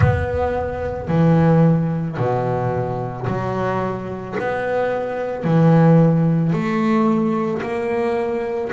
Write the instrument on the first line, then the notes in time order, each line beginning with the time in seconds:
double bass
0.00 B3
1.08 E3
2.17 B2
3.27 F#3
4.39 B3
5.43 E3
6.52 A3
7.62 A#3